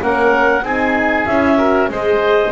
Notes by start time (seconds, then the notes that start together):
0.00 A#3 C#4 A#4 F#5
0.62 C4 D#4 G#4 G#5
1.26 C#4 E4 E5
1.58 F#4 A#4
1.89 G#3 G#4 C5 D#5